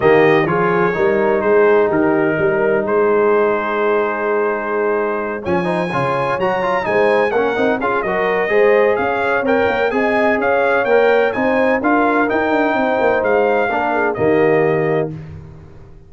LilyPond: <<
  \new Staff \with { instrumentName = "trumpet" } { \time 4/4 \tempo 4 = 127 dis''4 cis''2 c''4 | ais'2 c''2~ | c''2.~ c''8 gis''8~ | gis''4. ais''4 gis''4 fis''8~ |
fis''8 f''8 dis''2 f''4 | g''4 gis''4 f''4 g''4 | gis''4 f''4 g''2 | f''2 dis''2 | }
  \new Staff \with { instrumentName = "horn" } { \time 4/4 g'4 gis'4 ais'4 gis'4 | g'4 ais'4 gis'2~ | gis'2.~ gis'8 cis''8 | c''8 cis''2 c''4 ais'8~ |
ais'8 gis'8 ais'4 c''4 cis''4~ | cis''4 dis''4 cis''2 | c''4 ais'2 c''4~ | c''4 ais'8 gis'8 g'2 | }
  \new Staff \with { instrumentName = "trombone" } { \time 4/4 ais4 f'4 dis'2~ | dis'1~ | dis'2.~ dis'8 cis'8 | dis'8 f'4 fis'8 f'8 dis'4 cis'8 |
dis'8 f'8 fis'4 gis'2 | ais'4 gis'2 ais'4 | dis'4 f'4 dis'2~ | dis'4 d'4 ais2 | }
  \new Staff \with { instrumentName = "tuba" } { \time 4/4 dis4 f4 g4 gis4 | dis4 g4 gis2~ | gis2.~ gis8 f8~ | f8 cis4 fis4 gis4 ais8 |
c'8 cis'8 fis4 gis4 cis'4 | c'8 ais8 c'4 cis'4 ais4 | c'4 d'4 dis'8 d'8 c'8 ais8 | gis4 ais4 dis2 | }
>>